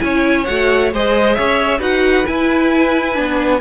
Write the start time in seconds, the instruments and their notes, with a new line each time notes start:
0.00 cello C#4, viola E4, violin C#5 G#5
0.45 cello A3, viola F#4, violin F#5
0.93 cello G#3, viola G#4, violin C5 D#5
1.35 cello C#4, violin C#5 E5
1.79 cello D#4, viola F#4, violin B4 F#5
2.25 viola E4, cello E4, violin G#5
3.15 cello B3, viola D4